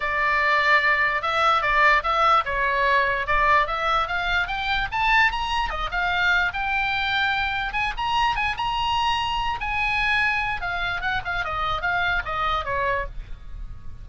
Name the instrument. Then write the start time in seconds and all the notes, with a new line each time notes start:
oboe
0.00 D5
1.22 E5
1.62 D5
2.03 E5
2.45 C#5
3.26 D5
3.66 E5
4.07 F5
4.47 G5
4.91 A5
5.31 A#5
5.69 D#5
5.91 F5
6.53 G5
7.72 G#5
7.97 A#5
8.35 G#5
8.57 A#5
9.60 G#5
10.61 F5
11.01 F#5
11.24 F5
11.44 D#5
11.81 F5
12.25 D#5
12.64 C#5